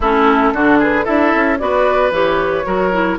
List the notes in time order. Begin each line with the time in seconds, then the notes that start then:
0.00 A3 C#4 E4 A4
0.52 D3 D4 F#4
0.78 G#4 B4
1.04 D4 E4 A4 E5
1.34 C#4
1.59 B3 F#4 B4 D5
2.10 E3 G4 C#5
2.64 F#3 F#4 A#4
2.92 E4